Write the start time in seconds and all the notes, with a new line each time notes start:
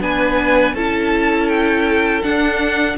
0.00 B3 D4 B4 G#5
0.73 C#4 E4 A4 A5
1.48 G5
2.22 D4 F#5